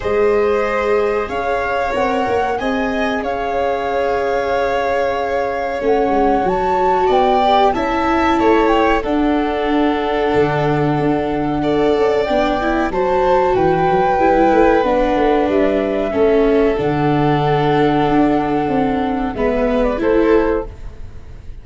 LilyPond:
<<
  \new Staff \with { instrumentName = "flute" } { \time 4/4 \tempo 4 = 93 dis''2 f''4 fis''4 | gis''4 f''2.~ | f''4 fis''4 a''4 g''4 | a''4. g''8 fis''2~ |
fis''2. g''4 | a''4 g''2 fis''4 | e''2 fis''2~ | fis''2 e''8. d''16 c''4 | }
  \new Staff \with { instrumentName = "violin" } { \time 4/4 c''2 cis''2 | dis''4 cis''2.~ | cis''2. d''4 | e''4 cis''4 a'2~ |
a'2 d''2 | c''4 b'2.~ | b'4 a'2.~ | a'2 b'4 a'4 | }
  \new Staff \with { instrumentName = "viola" } { \time 4/4 gis'2. ais'4 | gis'1~ | gis'4 cis'4 fis'4. g'8 | e'2 d'2~ |
d'2 a'4 d'8 e'8 | fis'2 e'4 d'4~ | d'4 cis'4 d'2~ | d'2 b4 e'4 | }
  \new Staff \with { instrumentName = "tuba" } { \time 4/4 gis2 cis'4 c'8 ais8 | c'4 cis'2.~ | cis'4 a8 gis8 fis4 b4 | cis'4 a4 d'2 |
d4 d'4. cis'8 b4 | fis4 e8 fis8 g8 a8 b8 a8 | g4 a4 d2 | d'4 c'4 gis4 a4 | }
>>